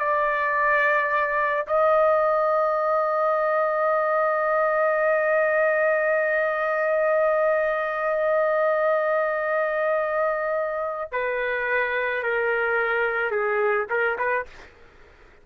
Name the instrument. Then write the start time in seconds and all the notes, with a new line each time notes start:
trumpet
0.00 D5
1.68 D#5
11.12 B4
12.23 A#4
13.31 G#4
13.90 A#4
14.19 B4